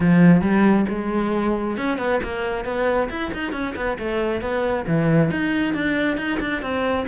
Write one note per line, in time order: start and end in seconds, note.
0.00 0.41 F3
0.41 0.85 G3
0.88 1.77 G#3
1.77 1.98 C#4
1.98 2.20 B3
2.23 2.65 A#3
2.65 3.09 B3
3.10 3.32 E4
3.33 3.52 D#4
3.52 3.74 C#4
3.76 3.98 B3
3.98 4.41 A3
4.41 4.85 B3
4.87 5.30 E3
5.30 5.74 D#4
5.74 6.17 D4
6.17 6.39 D#4
6.40 6.62 D4
6.62 7.06 C4